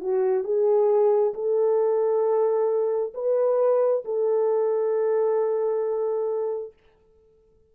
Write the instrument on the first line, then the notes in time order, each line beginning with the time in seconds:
horn
0.00 F#4
0.44 G#4
1.34 A4
3.13 B4
4.04 A4